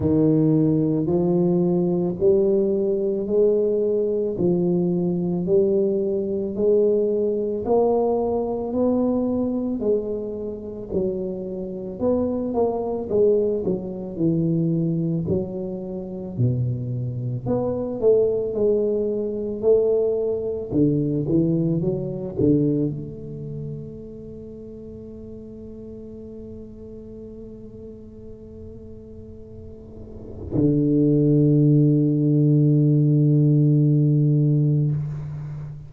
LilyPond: \new Staff \with { instrumentName = "tuba" } { \time 4/4 \tempo 4 = 55 dis4 f4 g4 gis4 | f4 g4 gis4 ais4 | b4 gis4 fis4 b8 ais8 | gis8 fis8 e4 fis4 b,4 |
b8 a8 gis4 a4 d8 e8 | fis8 d8 a2.~ | a1 | d1 | }